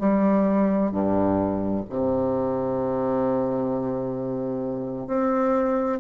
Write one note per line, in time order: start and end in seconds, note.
0.00 0.92 G3
0.92 1.84 G2
1.90 5.08 C3
5.08 6.00 C4